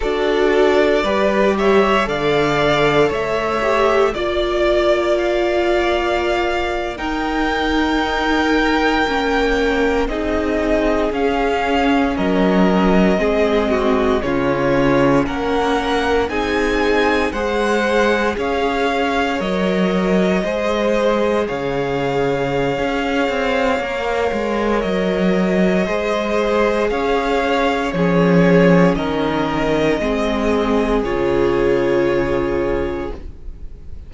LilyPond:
<<
  \new Staff \with { instrumentName = "violin" } { \time 4/4 \tempo 4 = 58 d''4. e''8 f''4 e''4 | d''4 f''4.~ f''16 g''4~ g''16~ | g''4.~ g''16 dis''4 f''4 dis''16~ | dis''4.~ dis''16 cis''4 fis''4 gis''16~ |
gis''8. fis''4 f''4 dis''4~ dis''16~ | dis''8. f''2.~ f''16 | dis''2 f''4 cis''4 | dis''2 cis''2 | }
  \new Staff \with { instrumentName = "violin" } { \time 4/4 a'4 b'8 cis''8 d''4 cis''4 | d''2~ d''8. ais'4~ ais'16~ | ais'4.~ ais'16 gis'2 ais'16~ | ais'8. gis'8 fis'8 f'4 ais'4 gis'16~ |
gis'8. c''4 cis''2 c''16~ | c''8. cis''2.~ cis''16~ | cis''4 c''4 cis''4 gis'4 | ais'4 gis'2. | }
  \new Staff \with { instrumentName = "viola" } { \time 4/4 fis'4 g'4 a'4. g'8 | f'2~ f'8. dis'4~ dis'16~ | dis'8. cis'4 dis'4 cis'4~ cis'16~ | cis'8. c'4 cis'2 dis'16~ |
dis'8. gis'2 ais'4 gis'16~ | gis'2. ais'4~ | ais'4 gis'2 cis'4~ | cis'4 c'4 f'2 | }
  \new Staff \with { instrumentName = "cello" } { \time 4/4 d'4 g4 d4 a4 | ais2~ ais8. dis'4~ dis'16~ | dis'8. ais4 c'4 cis'4 fis16~ | fis8. gis4 cis4 ais4 c'16~ |
c'8. gis4 cis'4 fis4 gis16~ | gis8. cis4~ cis16 cis'8 c'8 ais8 gis8 | fis4 gis4 cis'4 f4 | dis4 gis4 cis2 | }
>>